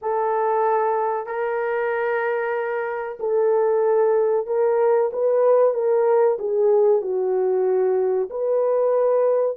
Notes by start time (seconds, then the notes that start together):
0.01 A4
1.26 A#4
3.19 A4
4.47 A#4
5.12 B4
5.73 A#4
6.38 G#4
7.01 F#4
8.29 B4